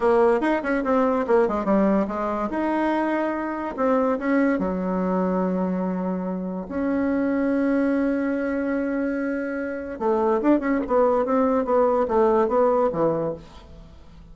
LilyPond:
\new Staff \with { instrumentName = "bassoon" } { \time 4/4 \tempo 4 = 144 ais4 dis'8 cis'8 c'4 ais8 gis8 | g4 gis4 dis'2~ | dis'4 c'4 cis'4 fis4~ | fis1 |
cis'1~ | cis'1 | a4 d'8 cis'8 b4 c'4 | b4 a4 b4 e4 | }